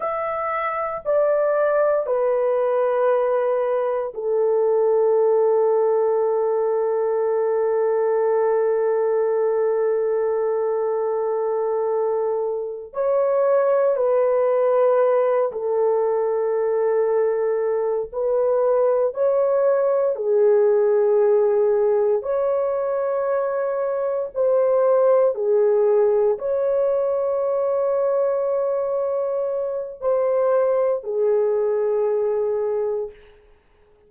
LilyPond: \new Staff \with { instrumentName = "horn" } { \time 4/4 \tempo 4 = 58 e''4 d''4 b'2 | a'1~ | a'1~ | a'8 cis''4 b'4. a'4~ |
a'4. b'4 cis''4 gis'8~ | gis'4. cis''2 c''8~ | c''8 gis'4 cis''2~ cis''8~ | cis''4 c''4 gis'2 | }